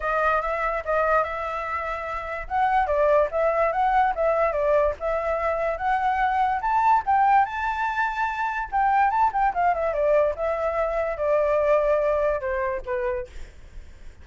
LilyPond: \new Staff \with { instrumentName = "flute" } { \time 4/4 \tempo 4 = 145 dis''4 e''4 dis''4 e''4~ | e''2 fis''4 d''4 | e''4 fis''4 e''4 d''4 | e''2 fis''2 |
a''4 g''4 a''2~ | a''4 g''4 a''8 g''8 f''8 e''8 | d''4 e''2 d''4~ | d''2 c''4 b'4 | }